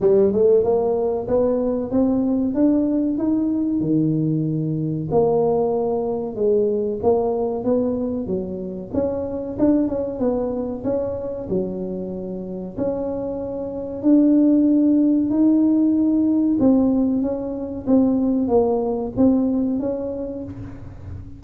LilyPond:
\new Staff \with { instrumentName = "tuba" } { \time 4/4 \tempo 4 = 94 g8 a8 ais4 b4 c'4 | d'4 dis'4 dis2 | ais2 gis4 ais4 | b4 fis4 cis'4 d'8 cis'8 |
b4 cis'4 fis2 | cis'2 d'2 | dis'2 c'4 cis'4 | c'4 ais4 c'4 cis'4 | }